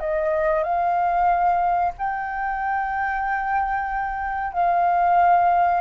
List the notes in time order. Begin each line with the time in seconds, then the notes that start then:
0.00 D#5
0.64 F5
1.98 G5
4.53 F5